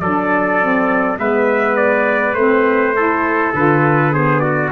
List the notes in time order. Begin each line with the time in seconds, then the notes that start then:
0.00 F#3 D4 A4 D5
0.61 C4
1.16 G#3 B3 B4 E5
1.76 D5
2.34 A3 C4 C5
2.95 E4 A4
3.54 D3 F4 B4
4.12 B3 G#4 C5
4.40 F#4 D5